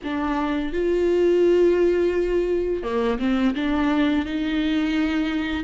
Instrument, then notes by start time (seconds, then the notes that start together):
viola
0.04 D4
0.73 F4
2.83 A#3
3.19 C4
3.55 D4
4.25 D#4